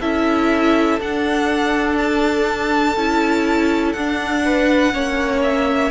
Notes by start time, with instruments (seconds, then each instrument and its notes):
0.00 cello C#4, viola E4, violin A4 E5
1.00 viola D4, cello D4, violin F#5
1.98 violin A5
2.96 cello C#4, viola E4
3.93 cello D4, viola D4, violin F#5
4.45 violin B4
4.93 cello A#3, viola C#4, violin C#5
5.43 violin E5